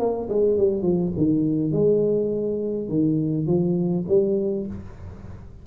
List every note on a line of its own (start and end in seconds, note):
0.00 0.29 A#3
0.30 0.58 G#3
0.58 0.83 G3
0.83 1.12 F3
1.18 1.73 D#3
1.73 2.89 G#3
2.89 3.47 D#3
3.47 4.05 F3
4.09 4.67 G3